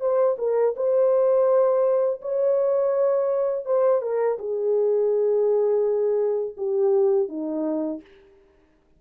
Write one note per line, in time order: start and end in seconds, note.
0.00 0.36 C5
0.38 0.74 A#4
0.76 2.20 C5
2.21 3.65 C#5
3.65 4.02 C5
4.02 4.38 A#4
4.39 6.56 G#4
6.57 7.28 G4
7.28 8.01 D#4